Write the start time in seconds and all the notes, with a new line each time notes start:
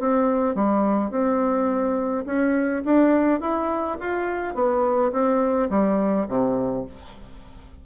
0.00 C4
0.55 G3
1.11 C4
2.26 C#4
2.85 D4
3.41 E4
4.00 F4
4.55 B3
5.12 C4
5.70 G3
6.29 C3